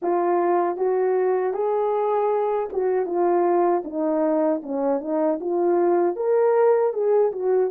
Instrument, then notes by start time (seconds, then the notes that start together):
horn
0.01 F4
0.77 F#4
1.53 G#4
2.73 F#4
3.06 F4
3.84 D#4
4.63 C#4
5.00 D#4
5.40 F4
6.16 A#4
6.93 G#4
7.31 F#4